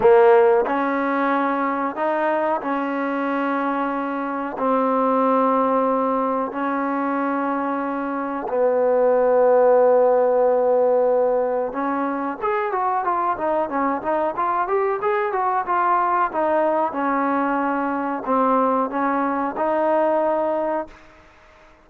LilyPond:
\new Staff \with { instrumentName = "trombone" } { \time 4/4 \tempo 4 = 92 ais4 cis'2 dis'4 | cis'2. c'4~ | c'2 cis'2~ | cis'4 b2.~ |
b2 cis'4 gis'8 fis'8 | f'8 dis'8 cis'8 dis'8 f'8 g'8 gis'8 fis'8 | f'4 dis'4 cis'2 | c'4 cis'4 dis'2 | }